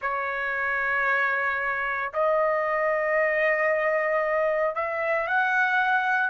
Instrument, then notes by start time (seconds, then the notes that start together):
trumpet
0.01 C#5
2.13 D#5
4.75 E5
5.27 F#5